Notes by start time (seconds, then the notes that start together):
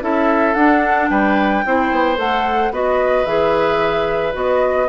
0.00 C#4 E4 A4 E5
0.54 D4 F#5
1.09 G3 B4 G5
1.65 C4 E4 C5
1.91 B3
2.16 A3 A4 F#5
2.71 B3 F#4 B4 D#5
3.26 E3 G#4 E5
4.32 B3 F#4 D#5